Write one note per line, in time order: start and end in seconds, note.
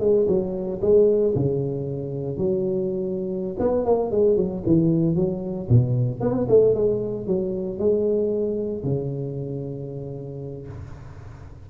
0.00 0.26 G#3
0.28 0.80 F#3
0.81 1.34 G#3
1.35 2.38 C#3
2.38 3.56 F#3
3.59 3.85 B3
3.85 4.11 A#3
4.11 4.36 G#3
4.36 4.63 F#3
4.66 5.15 E3
5.15 5.68 F#3
5.69 6.20 B2
6.20 6.47 B3
6.49 6.74 A3
6.74 7.26 G#3
7.26 7.78 F#3
7.78 8.83 G#3
8.83 10.67 C#3